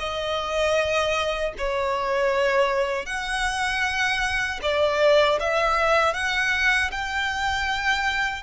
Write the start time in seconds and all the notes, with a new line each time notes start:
0.00 D#5
1.58 C#5
3.06 F#5
4.63 D5
5.41 E5
6.14 F#5
6.92 G5